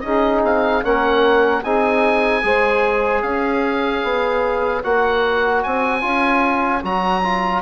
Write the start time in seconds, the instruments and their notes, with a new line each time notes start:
0.00 bassoon C#4, trombone D#4, saxophone G#4, oboe D#5
0.43 bassoon C4, oboe F5
0.83 bassoon A#3, trombone C#4, saxophone A#4, oboe F#5
1.62 bassoon C4, trombone D#4, saxophone G#4, oboe G#5
2.42 bassoon G#3, trombone G#4, saxophone C5
3.22 bassoon C#4, saxophone C#5, oboe F5
4.03 bassoon B3
4.83 bassoon A#3, trombone F#4, oboe F#5
5.63 bassoon C4, oboe G#5
6.01 bassoon C#4, trombone F4
6.82 bassoon F#3, trombone F#4, oboe A#5
7.23 trombone F4